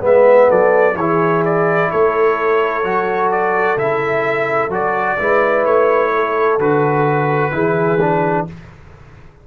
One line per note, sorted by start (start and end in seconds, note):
0.00 0.48 G#3
0.00 0.94 B3
0.00 0.49 B4
0.00 0.51 E5
0.49 0.95 F#3
0.49 0.96 A4
0.49 0.96 D5
0.95 1.89 E3
0.95 2.84 E4
0.95 1.91 G#4
0.95 1.43 C#5
1.45 1.91 D5
1.91 2.84 A3
1.91 5.19 A4
1.91 3.31 C#5
2.84 3.77 F#3
2.84 3.78 F#4
3.31 3.78 D5
3.77 4.69 C#3
3.77 4.71 E4
3.77 4.72 E5
4.69 5.16 F#3
4.69 5.18 F#4
4.69 5.65 D5
5.18 5.65 G#3
5.18 6.59 E4
5.18 6.13 B4
5.65 6.59 A3
5.65 6.59 C#5
6.15 7.54 A4
6.59 7.52 D3
6.59 7.52 F#4
6.59 8.47 B4
7.52 8.47 E3
7.52 7.99 E4
7.52 8.47 G#4
8.01 8.47 D4